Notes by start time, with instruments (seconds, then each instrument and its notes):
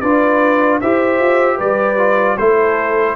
0.00 tuba D4, trombone F4, horn B4, trumpet D5
0.80 tuba E4, trombone G4, horn C5, trumpet E5
1.18 tuba F4
1.57 tuba G3, horn B4, trumpet D5
1.97 trombone F4
2.37 tuba A3, trombone E4, horn A4, trumpet C5